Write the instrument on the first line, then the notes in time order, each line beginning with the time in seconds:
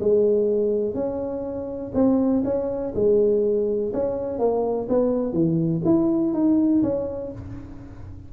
tuba
0.00 G#3
0.95 C#4
1.94 C4
2.44 C#4
2.95 G#3
3.94 C#4
4.39 A#3
4.89 B3
5.33 E3
5.85 E4
6.34 D#4
6.83 C#4